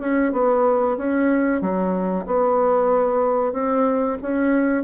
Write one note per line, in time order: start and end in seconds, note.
0.00 0.32 C#4
0.32 0.97 B3
0.97 1.61 C#4
1.61 2.26 F#3
2.26 3.53 B3
3.53 4.17 C4
4.22 4.84 C#4